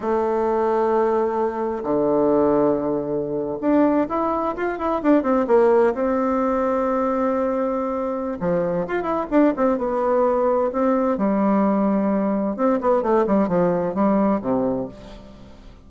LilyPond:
\new Staff \with { instrumentName = "bassoon" } { \time 4/4 \tempo 4 = 129 a1 | d2.~ d8. d'16~ | d'8. e'4 f'8 e'8 d'8 c'8 ais16~ | ais8. c'2.~ c'16~ |
c'2 f4 f'8 e'8 | d'8 c'8 b2 c'4 | g2. c'8 b8 | a8 g8 f4 g4 c4 | }